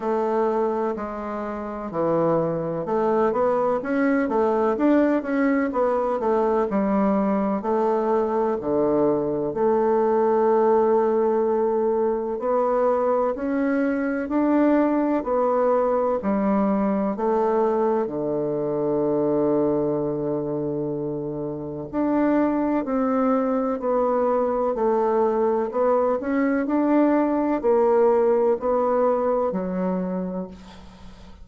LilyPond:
\new Staff \with { instrumentName = "bassoon" } { \time 4/4 \tempo 4 = 63 a4 gis4 e4 a8 b8 | cis'8 a8 d'8 cis'8 b8 a8 g4 | a4 d4 a2~ | a4 b4 cis'4 d'4 |
b4 g4 a4 d4~ | d2. d'4 | c'4 b4 a4 b8 cis'8 | d'4 ais4 b4 fis4 | }